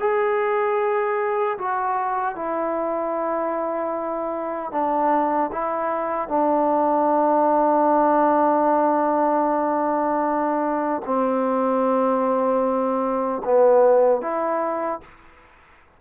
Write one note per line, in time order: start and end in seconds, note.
0.00 1.58 G#4
1.58 2.36 F#4
2.36 4.72 E4
4.72 5.51 D4
5.53 6.28 E4
6.28 11.02 D4
11.06 13.42 C4
13.45 14.22 B3
14.22 15.01 E4